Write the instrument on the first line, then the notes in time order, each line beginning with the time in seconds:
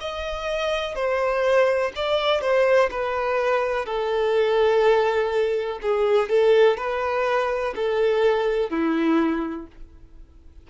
violin
0.00 D#5
0.95 C5
1.95 D5
2.41 C5
2.90 B4
3.85 A4
5.82 G#4
6.29 A4
6.77 B4
7.75 A4
8.70 E4